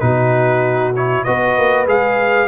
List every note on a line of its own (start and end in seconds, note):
0.00 1.25 B2
0.00 0.93 D#4
0.00 1.25 F#4
0.00 0.93 B4
0.96 1.26 E4
0.96 1.24 C#5
1.24 1.58 B3
1.24 1.87 F#4
1.24 2.49 B4
1.24 1.86 D#5
1.58 1.87 A#3
1.87 2.49 G#3
1.87 2.49 G#4
1.87 2.49 F5